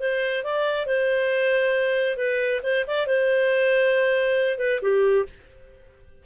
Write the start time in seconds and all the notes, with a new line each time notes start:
0.00 C5
0.44 D5
0.86 C5
2.17 B4
2.63 C5
2.87 D5
3.07 C5
4.58 B4
4.82 G4